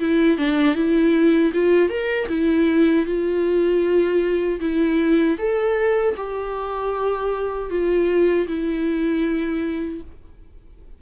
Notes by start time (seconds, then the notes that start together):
0.00 E4
0.38 D4
0.75 E4
1.53 F4
1.90 A#4
2.29 E4
3.06 F4
4.60 E4
5.38 A4
6.16 G4
7.70 F4
8.48 E4